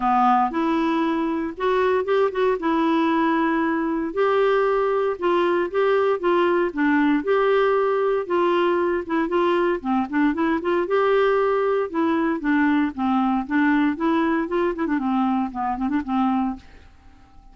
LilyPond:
\new Staff \with { instrumentName = "clarinet" } { \time 4/4 \tempo 4 = 116 b4 e'2 fis'4 | g'8 fis'8 e'2. | g'2 f'4 g'4 | f'4 d'4 g'2 |
f'4. e'8 f'4 c'8 d'8 | e'8 f'8 g'2 e'4 | d'4 c'4 d'4 e'4 | f'8 e'16 d'16 c'4 b8 c'16 d'16 c'4 | }